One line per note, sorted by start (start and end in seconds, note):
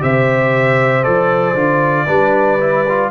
0.00 1.06 C3
0.00 1.03 G4
0.00 2.06 C5
0.00 1.03 E5
1.03 1.54 F3
1.03 1.55 A4
1.03 3.10 D5
1.54 2.06 D3
1.54 2.07 F4
2.06 3.10 G3
2.06 2.59 D4
2.06 3.10 B4
2.59 2.85 E4
2.89 3.10 F4